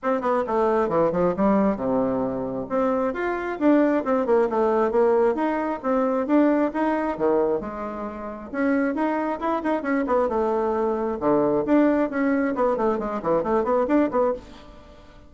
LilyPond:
\new Staff \with { instrumentName = "bassoon" } { \time 4/4 \tempo 4 = 134 c'8 b8 a4 e8 f8 g4 | c2 c'4 f'4 | d'4 c'8 ais8 a4 ais4 | dis'4 c'4 d'4 dis'4 |
dis4 gis2 cis'4 | dis'4 e'8 dis'8 cis'8 b8 a4~ | a4 d4 d'4 cis'4 | b8 a8 gis8 e8 a8 b8 d'8 b8 | }